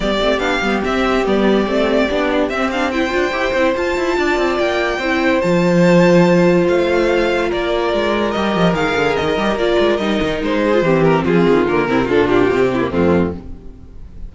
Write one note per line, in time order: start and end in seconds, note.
0.00 0.20 G3
0.00 0.20 B3
0.00 2.91 G4
0.00 0.39 D5
0.20 0.38 A3
0.20 0.40 C4
0.38 0.59 B3
0.38 0.61 D4
0.38 0.80 F5
0.61 0.82 G3
0.61 0.84 B3
0.84 1.25 C4
0.84 1.24 C4
0.84 1.26 E5
1.24 1.66 G3
1.24 1.66 B3
1.24 2.49 D5
1.66 2.08 A3
1.66 2.08 C4
2.09 2.49 B3
2.09 2.51 D4
2.49 3.11 C4
2.49 2.72 C4
2.49 2.69 E5
2.71 2.93 D4
2.71 2.91 F5
2.91 3.09 E4
2.91 4.16 C5
2.91 3.74 G5
3.09 3.31 D4
3.09 3.30 F4
3.31 3.52 E4
3.31 3.52 G4
3.54 3.74 C4
3.54 3.75 E4
3.75 5.00 F4
3.75 3.97 F4
3.75 4.58 A5
3.97 4.17 E4
4.17 4.37 D4
4.17 4.99 D5
4.37 4.58 C4
4.58 4.98 A#3
4.58 5.41 G5
4.98 5.40 C4
4.98 5.42 E4
4.98 7.48 C5
5.41 6.68 F3
5.41 8.34 F4
5.41 6.66 A5
6.68 7.51 A3
6.68 7.51 F5
7.48 7.93 A#3
7.48 10.61 A#4
7.48 8.31 D5
7.93 8.35 G#3
8.31 8.55 G3
8.31 8.73 G4
8.31 8.72 D#5
8.55 8.73 F3
8.73 8.94 D#3
8.73 9.36 G#4
8.73 9.16 F5
8.95 9.16 D3
9.16 9.37 D#3
9.16 9.57 D#5
9.37 9.54 G3
9.37 9.58 G4
9.54 9.75 A#3
9.54 10.00 F4
9.54 9.97 D5
9.78 9.99 G#3
9.97 10.20 G3
9.97 10.73 D#4
9.97 10.39 D#5
10.22 10.41 D#3
10.41 10.82 G#3
10.41 11.03 C5
10.64 10.84 G#4
10.73 10.83 F4
10.82 11.23 E3
10.82 11.66 C4
10.82 11.25 G4
11.03 11.24 A#4
11.25 11.46 F3
11.25 11.87 F4
11.25 11.66 G#4
11.48 11.68 D#3
11.66 11.88 D3
11.66 11.88 A#3
11.66 12.08 A#4
11.88 12.08 C3
11.88 12.09 C4
11.88 12.04 E4
12.04 12.49 A#2
12.04 12.50 D4
12.04 12.66 F4
12.04 12.28 A4
12.28 12.91 G4
12.50 12.92 C3
12.50 12.81 C4
12.73 12.89 E4
12.81 12.91 A#3
12.89 13.34 F2
12.89 13.33 A3
12.89 13.31 C4
12.89 13.35 F4